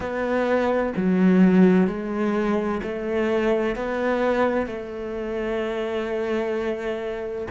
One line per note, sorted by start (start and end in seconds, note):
0.00 0.92 B3
0.96 1.87 F#3
1.87 2.81 G#3
2.82 3.75 A3
3.75 4.66 B3
4.66 7.47 A3